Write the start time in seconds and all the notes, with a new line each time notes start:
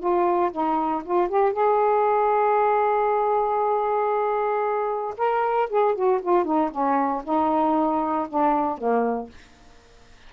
0.00 F4
0.52 D#4
1.05 F4
1.29 G4
1.53 G#4
5.18 A#4
5.70 G#4
5.95 F#4
6.22 F4
6.45 D#4
6.71 C#4
7.25 D#4
8.30 D4
8.78 A#3